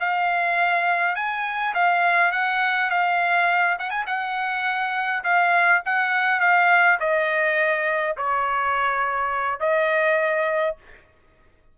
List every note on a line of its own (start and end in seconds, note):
0.00 1.16 F5
1.16 1.74 G#5
1.74 2.32 F5
2.32 2.90 F#5
2.90 3.78 F5
3.79 3.91 F#5
3.91 4.05 G#5
4.07 5.23 F#5
5.24 5.82 F5
5.85 6.41 F#5
6.41 6.99 F5
7.00 8.16 D#5
8.17 9.60 C#5
9.60 10.76 D#5